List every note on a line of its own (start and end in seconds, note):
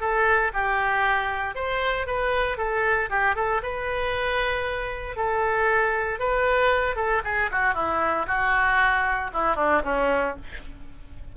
0.00 0.52 A4
0.53 1.55 G4
1.55 2.07 C5
2.07 2.57 B4
2.57 3.09 A4
3.10 3.35 G4
3.35 3.61 A4
3.63 5.16 B4
5.16 6.20 A4
6.20 6.96 B4
6.96 7.22 A4
7.24 7.50 G#4
7.51 7.74 F#4
7.74 8.26 E4
8.27 9.31 F#4
9.33 9.56 E4
9.56 9.82 D4
9.84 10.36 C#4